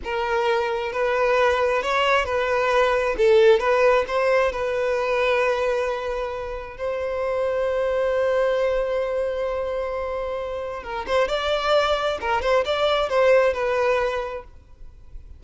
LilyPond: \new Staff \with { instrumentName = "violin" } { \time 4/4 \tempo 4 = 133 ais'2 b'2 | cis''4 b'2 a'4 | b'4 c''4 b'2~ | b'2. c''4~ |
c''1~ | c''1 | ais'8 c''8 d''2 ais'8 c''8 | d''4 c''4 b'2 | }